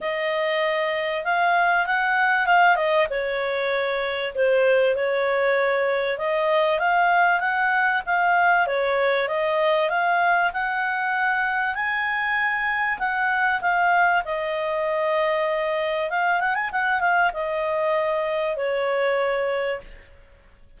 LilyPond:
\new Staff \with { instrumentName = "clarinet" } { \time 4/4 \tempo 4 = 97 dis''2 f''4 fis''4 | f''8 dis''8 cis''2 c''4 | cis''2 dis''4 f''4 | fis''4 f''4 cis''4 dis''4 |
f''4 fis''2 gis''4~ | gis''4 fis''4 f''4 dis''4~ | dis''2 f''8 fis''16 gis''16 fis''8 f''8 | dis''2 cis''2 | }